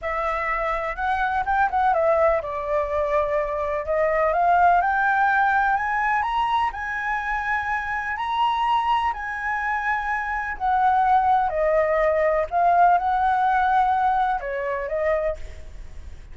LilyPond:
\new Staff \with { instrumentName = "flute" } { \time 4/4 \tempo 4 = 125 e''2 fis''4 g''8 fis''8 | e''4 d''2. | dis''4 f''4 g''2 | gis''4 ais''4 gis''2~ |
gis''4 ais''2 gis''4~ | gis''2 fis''2 | dis''2 f''4 fis''4~ | fis''2 cis''4 dis''4 | }